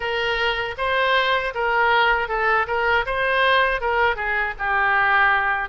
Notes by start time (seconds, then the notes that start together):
0.00 A#4
0.77 C5
1.54 A#4
2.28 A4
2.67 A#4
3.06 C5
3.80 A#4
4.16 G#4
4.58 G4